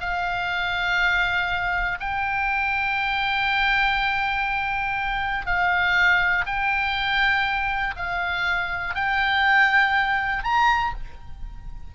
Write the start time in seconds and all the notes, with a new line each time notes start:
0.00 F5
2.00 G5
5.46 F5
6.46 G5
7.97 F5
8.95 G5
10.44 A#5